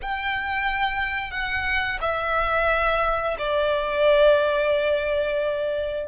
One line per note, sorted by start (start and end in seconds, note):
0.02 1.31 G5
1.31 1.98 F#5
2.01 3.36 E5
3.38 6.07 D5